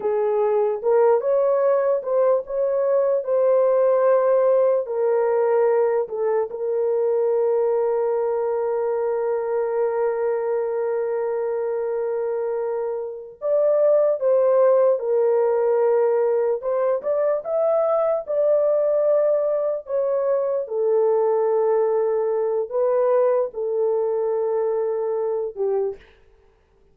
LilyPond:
\new Staff \with { instrumentName = "horn" } { \time 4/4 \tempo 4 = 74 gis'4 ais'8 cis''4 c''8 cis''4 | c''2 ais'4. a'8 | ais'1~ | ais'1~ |
ais'8 d''4 c''4 ais'4.~ | ais'8 c''8 d''8 e''4 d''4.~ | d''8 cis''4 a'2~ a'8 | b'4 a'2~ a'8 g'8 | }